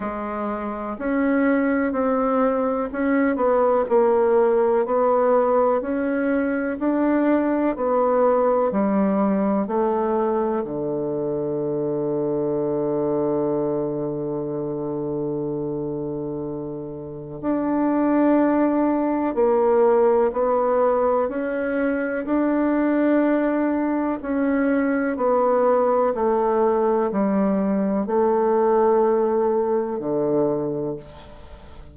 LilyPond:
\new Staff \with { instrumentName = "bassoon" } { \time 4/4 \tempo 4 = 62 gis4 cis'4 c'4 cis'8 b8 | ais4 b4 cis'4 d'4 | b4 g4 a4 d4~ | d1~ |
d2 d'2 | ais4 b4 cis'4 d'4~ | d'4 cis'4 b4 a4 | g4 a2 d4 | }